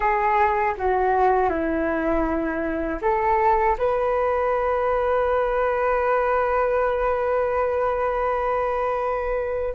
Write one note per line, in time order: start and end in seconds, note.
0.00 0.74 G#4
0.77 1.49 F#4
1.49 2.99 E4
3.01 3.76 A4
3.78 9.74 B4